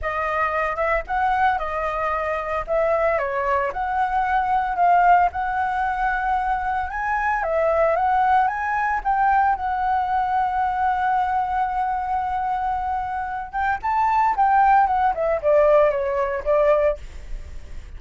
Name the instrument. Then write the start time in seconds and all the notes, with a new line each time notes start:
flute
0.01 D#5
0.76 E5
1.07 F#5
1.58 D#5
2.67 E5
3.18 C#5
3.72 F#5
4.76 F5
5.32 F#5
6.90 G#5
7.43 E5
7.95 F#5
8.47 G#5
9.04 G5
9.55 F#5
13.52 G5
13.82 A5
14.36 G5
14.86 F#5
15.14 E5
15.42 D5
15.90 C#5
16.44 D5